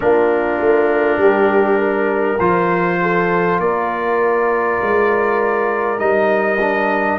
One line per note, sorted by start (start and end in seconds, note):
0.00 0.60 A#3
0.00 2.38 D4
0.00 1.19 F4
0.00 2.39 A#4
0.60 1.17 A3
1.17 2.37 G3
1.17 1.78 G4
1.78 2.98 A#4
2.39 3.58 F3
2.39 5.98 F4
2.39 3.59 C5
3.01 3.60 A4
3.58 4.78 A#3
3.58 7.19 A#4
3.58 5.99 D5
4.82 5.99 G#3
5.98 7.19 G3
5.98 6.58 D#4
5.98 7.19 D#5
6.60 7.19 D4